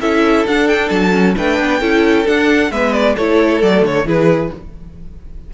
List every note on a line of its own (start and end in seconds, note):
0.00 0.45 C#4
0.00 0.47 E4
0.00 1.36 A4
0.00 0.46 E5
0.47 0.90 D4
0.47 1.11 D4
0.47 0.68 F#5
0.68 0.89 G5
0.89 1.35 F#3
0.89 1.34 A5
1.11 1.34 C#4
1.37 1.59 A3
1.37 1.81 D4
1.37 1.80 B4
1.37 2.27 G5
1.59 1.81 B3
1.80 2.26 C#4
1.80 2.25 E4
1.80 2.70 A4
2.25 2.70 D4
2.25 2.71 D4
2.25 2.72 F#5
2.71 3.16 G#3
2.71 3.17 B3
2.71 3.15 B4
2.71 2.93 E5
2.93 3.16 D5
3.15 3.62 A3
3.15 3.63 E4
3.15 4.06 A4
3.15 3.62 C#5
3.62 3.82 F#3
3.62 4.05 A3
3.62 3.85 D5
3.82 4.05 D3
3.82 4.08 C#5
4.05 4.50 E3
4.05 4.51 E4
4.05 4.51 G#4
4.05 4.54 B4